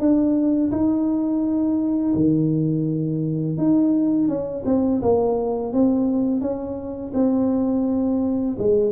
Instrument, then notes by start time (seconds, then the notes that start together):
tuba
0.00 D4
0.72 D#4
2.15 D#3
3.58 D#4
4.29 C#4
4.66 C4
5.02 A#3
5.73 C4
6.41 C#4
7.14 C4
8.59 G#3